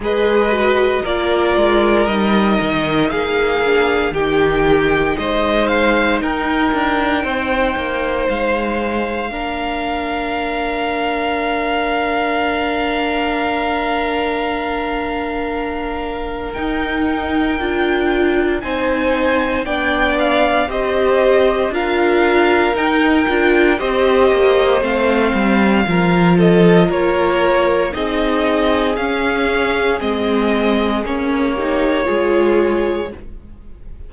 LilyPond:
<<
  \new Staff \with { instrumentName = "violin" } { \time 4/4 \tempo 4 = 58 dis''4 d''4 dis''4 f''4 | g''4 dis''8 f''8 g''2 | f''1~ | f''1 |
g''2 gis''4 g''8 f''8 | dis''4 f''4 g''4 dis''4 | f''4. dis''8 cis''4 dis''4 | f''4 dis''4 cis''2 | }
  \new Staff \with { instrumentName = "violin" } { \time 4/4 b'4 ais'2 gis'4 | g'4 c''4 ais'4 c''4~ | c''4 ais'2.~ | ais'1~ |
ais'2 c''4 d''4 | c''4 ais'2 c''4~ | c''4 ais'8 a'8 ais'4 gis'4~ | gis'2~ gis'8 g'8 gis'4 | }
  \new Staff \with { instrumentName = "viola" } { \time 4/4 gis'8 fis'8 f'4 dis'4. d'8 | dis'1~ | dis'4 d'2.~ | d'1 |
dis'4 f'4 dis'4 d'4 | g'4 f'4 dis'8 f'8 g'4 | c'4 f'2 dis'4 | cis'4 c'4 cis'8 dis'8 f'4 | }
  \new Staff \with { instrumentName = "cello" } { \time 4/4 gis4 ais8 gis8 g8 dis8 ais4 | dis4 gis4 dis'8 d'8 c'8 ais8 | gis4 ais2.~ | ais1 |
dis'4 d'4 c'4 b4 | c'4 d'4 dis'8 d'8 c'8 ais8 | a8 g8 f4 ais4 c'4 | cis'4 gis4 ais4 gis4 | }
>>